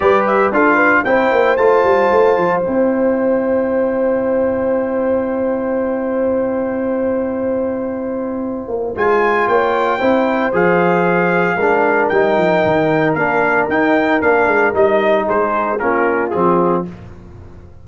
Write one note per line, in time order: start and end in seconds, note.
0.00 0.51 G3
0.00 0.52 G4
0.00 0.53 B4
0.00 0.25 D5
0.26 0.53 E5
0.51 1.04 D4
0.51 1.05 F4
0.51 0.75 A4
0.51 1.04 F5
0.75 1.01 B4
1.04 1.31 C4
1.04 1.57 E4
1.04 9.48 C5
1.04 1.57 G5
1.31 1.58 A#3
1.57 1.84 A3
1.57 2.63 F4
1.57 2.60 A5
1.84 2.10 G3
2.11 2.37 A3
2.37 2.63 F3
2.60 8.94 E4
2.60 8.92 G5
2.67 8.67 C4
8.67 8.94 A#3
8.95 9.47 G#3
8.95 9.99 F4
8.95 9.48 G#5
9.47 10.00 A#3
9.47 9.98 C#5
9.47 10.53 G5
9.98 10.53 C4
9.98 10.52 E4
9.98 11.56 C5
10.52 11.55 F3
10.52 11.57 G#4
10.52 12.08 F5
11.55 12.08 G#3
11.55 12.13 D4
11.55 15.24 A#4
12.08 12.37 G3
12.08 13.17 D#4
12.08 13.14 G5
12.37 12.63 F3
12.65 13.14 D#3
13.14 13.67 A#3
13.14 13.69 D4
13.14 13.67 F5
13.68 14.21 D#4
13.68 14.21 G5
14.21 14.46 A#3
14.21 14.73 D4
14.21 14.74 F5
14.46 14.73 G#3
14.73 15.27 G3
14.73 15.78 D#4
14.73 15.28 D#5
15.27 15.80 G#3
15.27 15.79 G#4
15.27 15.79 C5
15.79 16.33 A#3
15.79 16.32 C#4
15.79 16.85 F4
15.79 16.30 A#4
16.30 16.87 F3
16.30 16.85 C4
16.30 16.83 G#4